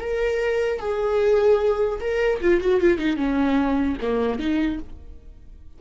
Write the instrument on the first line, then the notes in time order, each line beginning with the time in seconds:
viola
0.00 A#4
0.79 G#4
2.01 A#4
2.41 F4
2.61 F#4
2.81 F4
2.99 D#4
3.17 C#4
4.02 A#3
4.39 D#4